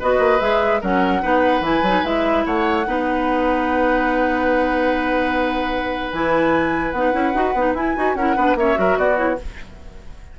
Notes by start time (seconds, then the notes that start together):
0.00 B3 F#4 B4 D#5
0.19 A#3
0.40 G#3 G#4 E5
0.81 F#3 C#4 A#4 F#5
1.22 B3 D#4 B4
1.61 E3 E4 G#5
1.83 F#3 D#4
2.04 G#3 E4 E5
2.46 A3 C#5 F#5
2.86 B3 D#4 B4
6.12 E3 E4 G#5
6.91 B3 D#4 F#5
7.13 C#4 E4
7.34 D#4 F#4
7.54 B3 D#4
7.74 E4 G#5
7.96 D#4 F#4
8.15 C#4 E4 A#4 F#5
8.36 B3 D4 B4
8.55 A#3 C#4 C#5 E5
8.75 F#3 F#4 A#4
8.97 B3 F#4 D5
9.16 E4 C#5